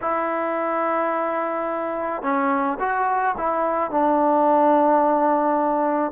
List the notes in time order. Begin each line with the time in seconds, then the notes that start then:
0.01 E4
2.22 C#4
2.79 F#4
3.37 E4
3.90 D4